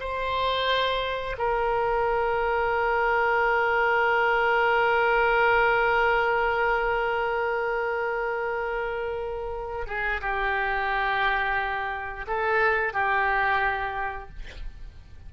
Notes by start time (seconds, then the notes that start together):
0.00 C5
1.38 A#4
9.87 G#4
10.21 G4
12.27 A4
12.93 G4